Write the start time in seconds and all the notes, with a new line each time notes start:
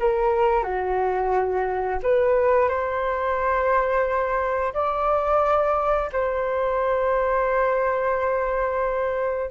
0.00 A#4
0.64 F#4
2.03 B4
2.69 C5
4.74 D5
6.13 C5